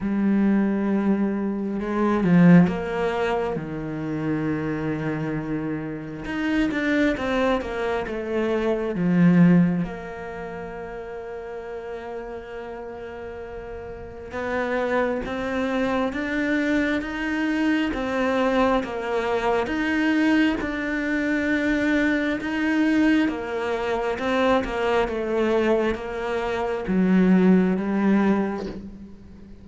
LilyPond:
\new Staff \with { instrumentName = "cello" } { \time 4/4 \tempo 4 = 67 g2 gis8 f8 ais4 | dis2. dis'8 d'8 | c'8 ais8 a4 f4 ais4~ | ais1 |
b4 c'4 d'4 dis'4 | c'4 ais4 dis'4 d'4~ | d'4 dis'4 ais4 c'8 ais8 | a4 ais4 fis4 g4 | }